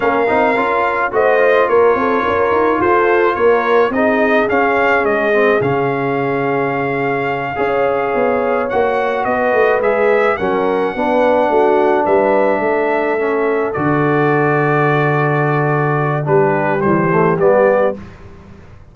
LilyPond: <<
  \new Staff \with { instrumentName = "trumpet" } { \time 4/4 \tempo 4 = 107 f''2 dis''4 cis''4~ | cis''4 c''4 cis''4 dis''4 | f''4 dis''4 f''2~ | f''2.~ f''8 fis''8~ |
fis''8 dis''4 e''4 fis''4.~ | fis''4. e''2~ e''8~ | e''8 d''2.~ d''8~ | d''4 b'4 c''4 d''4 | }
  \new Staff \with { instrumentName = "horn" } { \time 4/4 ais'2 c''4 ais'8 a'8 | ais'4 a'4 ais'4 gis'4~ | gis'1~ | gis'4. cis''2~ cis''8~ |
cis''8 b'2 ais'4 b'8~ | b'8 fis'4 b'4 a'4.~ | a'1~ | a'4 g'2. | }
  \new Staff \with { instrumentName = "trombone" } { \time 4/4 cis'8 dis'8 f'4 fis'8 f'4.~ | f'2. dis'4 | cis'4. c'8 cis'2~ | cis'4. gis'2 fis'8~ |
fis'4. gis'4 cis'4 d'8~ | d'2.~ d'8 cis'8~ | cis'8 fis'2.~ fis'8~ | fis'4 d'4 g8 a8 b4 | }
  \new Staff \with { instrumentName = "tuba" } { \time 4/4 ais8 c'8 cis'4 a4 ais8 c'8 | cis'8 dis'8 f'4 ais4 c'4 | cis'4 gis4 cis2~ | cis4. cis'4 b4 ais8~ |
ais8 b8 a8 gis4 fis4 b8~ | b8 a4 g4 a4.~ | a8 d2.~ d8~ | d4 g4 e4 g4 | }
>>